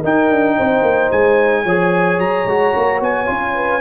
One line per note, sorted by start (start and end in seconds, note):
0.00 1.65 D#4
0.00 0.30 D#4
0.00 0.54 A#4
0.00 1.11 G5
0.30 0.57 D4
0.57 0.82 C4
0.57 1.63 C5
0.82 1.09 A#3
1.11 1.64 G#3
1.11 2.19 G#5
1.63 2.18 F3
1.63 2.48 G#4
1.63 3.52 C#5
2.18 2.45 F#3
2.18 3.01 A#5
2.45 2.72 G#3
2.45 3.26 F#4
2.75 3.00 A#3
3.00 3.27 B3
3.00 3.81 G#5
3.26 3.81 C#4
3.26 3.80 F4
3.54 3.81 B4